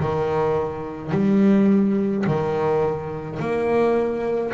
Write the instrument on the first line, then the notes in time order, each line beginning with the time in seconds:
double bass
0.00 D#3
1.12 G3
2.27 D#3
3.40 A#3